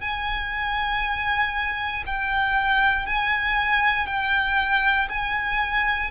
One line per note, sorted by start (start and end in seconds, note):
0.00 2.03 G#5
2.06 3.06 G5
3.06 4.06 G#5
4.06 5.08 G5
5.09 6.11 G#5